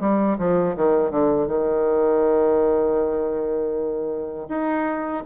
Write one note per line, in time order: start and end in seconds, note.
0.00 0.38 G3
0.38 0.76 F3
0.76 1.11 D#3
1.11 1.48 D3
1.48 4.48 D#3
4.49 5.24 D#4